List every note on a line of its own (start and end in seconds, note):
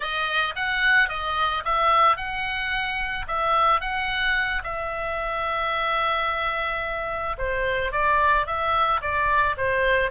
0.00 0.55 D#5
0.55 1.09 F#5
1.09 1.63 D#5
1.64 2.16 E5
2.16 3.26 F#5
3.27 3.80 E5
3.80 4.62 F#5
4.63 7.36 E5
7.38 7.92 C5
7.92 8.46 D5
8.46 9.00 E5
9.01 9.56 D5
9.57 10.10 C5